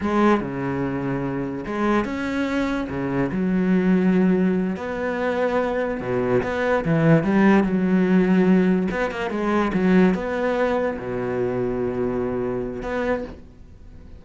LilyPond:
\new Staff \with { instrumentName = "cello" } { \time 4/4 \tempo 4 = 145 gis4 cis2. | gis4 cis'2 cis4 | fis2.~ fis8 b8~ | b2~ b8 b,4 b8~ |
b8 e4 g4 fis4.~ | fis4. b8 ais8 gis4 fis8~ | fis8 b2 b,4.~ | b,2. b4 | }